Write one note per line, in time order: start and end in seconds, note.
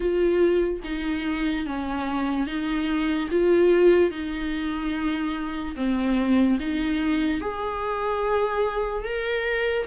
0.00 0.80 F4
0.84 1.66 D#4
1.66 2.47 C#4
2.47 3.29 D#4
3.30 4.11 F4
4.11 5.75 D#4
5.76 6.58 C4
6.59 7.40 D#4
7.40 9.04 G#4
9.04 9.86 A#4